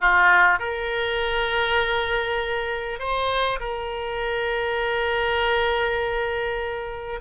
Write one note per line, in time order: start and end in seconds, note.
0.00 0.59 F4
0.59 2.99 A#4
2.99 3.59 C5
3.59 7.19 A#4